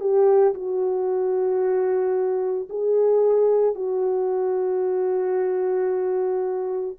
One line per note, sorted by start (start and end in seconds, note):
0.00 0.54 G4
0.54 2.68 F#4
2.69 3.75 G#4
3.75 6.96 F#4